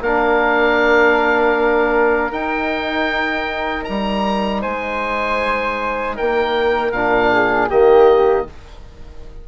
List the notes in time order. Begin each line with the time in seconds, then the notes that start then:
0.00 A#3 D4 A#4 F5
2.31 D#4 G5
3.84 G3 A#5
4.61 G#3 C5 G#5
6.15 A#3 A#4 G5
6.92 A#2 D4 F5
7.32 G#4
7.69 D#3 A#3 G4 D#5